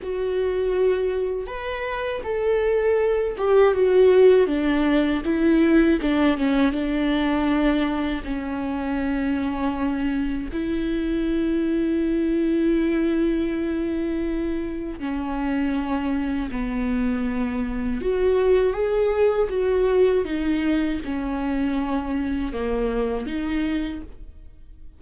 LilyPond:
\new Staff \with { instrumentName = "viola" } { \time 4/4 \tempo 4 = 80 fis'2 b'4 a'4~ | a'8 g'8 fis'4 d'4 e'4 | d'8 cis'8 d'2 cis'4~ | cis'2 e'2~ |
e'1 | cis'2 b2 | fis'4 gis'4 fis'4 dis'4 | cis'2 ais4 dis'4 | }